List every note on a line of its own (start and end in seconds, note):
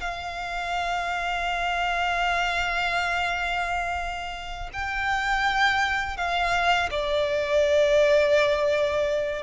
0.00 4.70 F5
4.73 6.17 G5
6.17 6.89 F5
6.90 9.42 D5